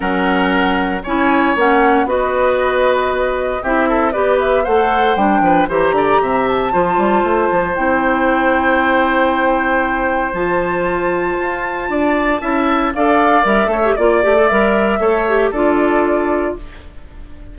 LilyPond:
<<
  \new Staff \with { instrumentName = "flute" } { \time 4/4 \tempo 4 = 116 fis''2 gis''4 fis''4 | dis''2. e''4 | d''8 e''8 fis''4 g''4 ais''4~ | ais''8 a''2~ a''8 g''4~ |
g''1 | a''1~ | a''4 f''4 e''4 d''4 | e''2 d''2 | }
  \new Staff \with { instrumentName = "oboe" } { \time 4/4 ais'2 cis''2 | b'2. g'8 a'8 | b'4 c''4. b'8 c''8 d''8 | e''4 c''2.~ |
c''1~ | c''2. d''4 | e''4 d''4. cis''8 d''4~ | d''4 cis''4 a'2 | }
  \new Staff \with { instrumentName = "clarinet" } { \time 4/4 cis'2 e'4 cis'4 | fis'2. e'4 | g'4 a'4 d'4 g'4~ | g'4 f'2 e'4~ |
e'1 | f'1 | e'4 a'4 ais'8 a'16 g'16 f'8 g'16 a'16 | ais'4 a'8 g'8 f'2 | }
  \new Staff \with { instrumentName = "bassoon" } { \time 4/4 fis2 cis'4 ais4 | b2. c'4 | b4 a4 g8 f8 e8 d8 | c4 f8 g8 a8 f8 c'4~ |
c'1 | f2 f'4 d'4 | cis'4 d'4 g8 a8 ais8 a8 | g4 a4 d'2 | }
>>